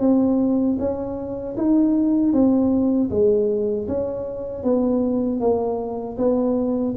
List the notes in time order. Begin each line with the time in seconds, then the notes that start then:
0.00 C4
0.79 C#4
1.57 D#4
2.33 C4
3.10 G#3
3.88 C#4
4.64 B3
5.40 A#3
6.18 B3